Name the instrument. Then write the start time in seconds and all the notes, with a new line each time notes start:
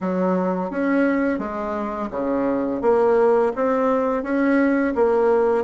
bassoon
0.01 F#3
0.70 C#4
1.38 G#3
2.10 C#3
2.81 A#3
3.55 C4
4.23 C#4
4.95 A#3